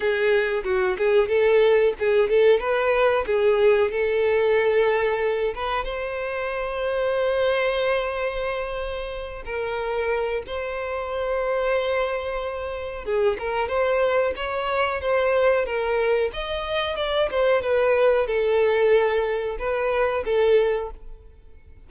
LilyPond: \new Staff \with { instrumentName = "violin" } { \time 4/4 \tempo 4 = 92 gis'4 fis'8 gis'8 a'4 gis'8 a'8 | b'4 gis'4 a'2~ | a'8 b'8 c''2.~ | c''2~ c''8 ais'4. |
c''1 | gis'8 ais'8 c''4 cis''4 c''4 | ais'4 dis''4 d''8 c''8 b'4 | a'2 b'4 a'4 | }